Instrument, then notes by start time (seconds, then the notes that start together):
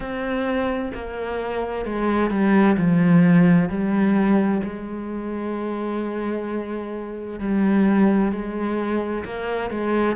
cello
0.00 C4
0.94 A#3
1.85 G#3
2.30 G3
2.77 F3
3.69 G3
4.63 G#3
7.39 G3
8.32 G#3
9.24 A#3
9.70 G#3